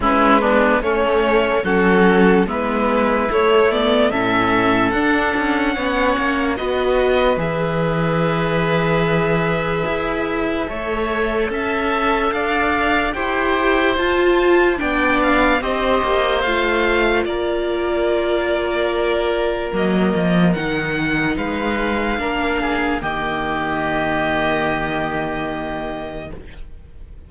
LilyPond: <<
  \new Staff \with { instrumentName = "violin" } { \time 4/4 \tempo 4 = 73 b'4 cis''4 a'4 b'4 | cis''8 d''8 e''4 fis''2 | dis''4 e''2.~ | e''2 a''4 f''4 |
g''4 a''4 g''8 f''8 dis''4 | f''4 d''2. | dis''4 fis''4 f''2 | dis''1 | }
  \new Staff \with { instrumentName = "oboe" } { \time 4/4 e'8 d'8 cis'4 fis'4 e'4~ | e'4 a'2 cis''4 | b'1~ | b'4 cis''4 e''4 d''4 |
c''2 d''4 c''4~ | c''4 ais'2.~ | ais'2 b'4 ais'8 gis'8 | g'1 | }
  \new Staff \with { instrumentName = "viola" } { \time 4/4 cis'8 b8 a4 cis'4 b4 | a8 b8 cis'4 d'4 cis'4 | fis'4 gis'2.~ | gis'4 a'2. |
g'4 f'4 d'4 g'4 | f'1 | ais4 dis'2 d'4 | ais1 | }
  \new Staff \with { instrumentName = "cello" } { \time 4/4 gis4 a4 fis4 gis4 | a4 a,4 d'8 cis'8 b8 ais8 | b4 e2. | e'4 a4 cis'4 d'4 |
e'4 f'4 b4 c'8 ais8 | a4 ais2. | fis8 f8 dis4 gis4 ais4 | dis1 | }
>>